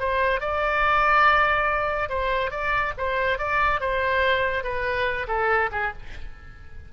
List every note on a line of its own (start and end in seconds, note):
0.00 0.41 C5
0.41 2.10 D5
2.10 2.51 C5
2.51 2.93 D5
2.98 3.39 C5
3.39 3.81 D5
3.81 4.64 C5
4.64 5.27 B4
5.28 5.70 A4
5.72 5.93 G#4